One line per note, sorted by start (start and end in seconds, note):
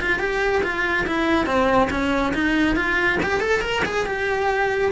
0.00 0.19 F4
0.19 0.62 G4
0.63 1.06 F4
1.06 1.46 E4
1.46 1.89 C4
1.90 2.33 C#4
2.34 2.76 D#4
2.76 3.19 F4
3.23 3.40 G4
3.40 3.61 A4
3.61 3.82 A#4
3.85 4.06 G#4
4.06 4.91 G4